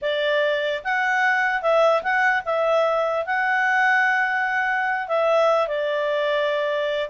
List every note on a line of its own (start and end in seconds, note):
0.01 0.82 D5
0.83 1.62 F#5
1.62 2.02 E5
2.02 2.43 F#5
2.45 3.25 E5
3.25 5.08 F#5
5.08 5.67 E5
5.67 7.09 D5